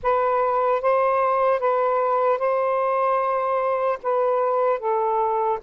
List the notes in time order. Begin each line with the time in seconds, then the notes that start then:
0.02 B4
0.81 C5
1.59 B4
2.38 C5
4.03 B4
4.79 A4